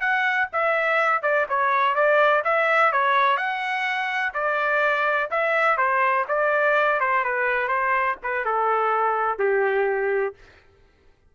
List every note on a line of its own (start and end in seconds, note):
0.00 0.48 F#5
0.52 1.22 E5
1.22 1.46 D5
1.49 1.95 C#5
1.95 2.43 D5
2.44 2.92 E5
2.92 3.37 C#5
3.37 4.33 F#5
4.34 5.30 D5
5.30 5.77 E5
5.77 6.25 C5
6.28 7.00 D5
7.00 7.24 C5
7.24 7.68 B4
7.68 8.16 C5
8.23 8.45 B4
8.45 9.38 A4
9.38 10.34 G4